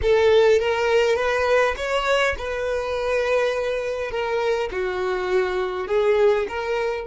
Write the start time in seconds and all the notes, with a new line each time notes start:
0.02 A4
0.59 A#4
1.16 B4
1.76 C#5
2.38 B4
4.10 A#4
4.71 F#4
5.87 G#4
6.48 A#4